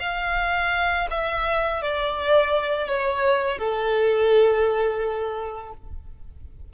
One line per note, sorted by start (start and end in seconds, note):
0.00 1.07 F5
1.11 1.82 E5
1.82 2.88 D5
2.88 3.58 C#5
3.58 5.73 A4